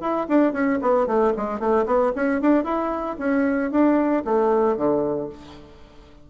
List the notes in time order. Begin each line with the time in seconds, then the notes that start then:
0.00 E4
0.28 D4
0.52 C#4
0.81 B3
1.06 A3
1.36 G#3
1.59 A3
1.85 B3
2.15 C#4
2.41 D4
2.64 E4
3.18 C#4
3.71 D4
4.24 A3
4.76 D3